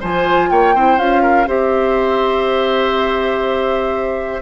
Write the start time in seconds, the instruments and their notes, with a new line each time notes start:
0.00 bassoon F3, clarinet F4, oboe C5, flute G#5
0.49 bassoon A#3, oboe C#5, flute G5
0.74 bassoon C4, clarinet E4, oboe C5
0.98 bassoon C#4, clarinet F4, flute F5
1.22 oboe A#4
1.47 bassoon C4, clarinet G4, oboe C5, flute E5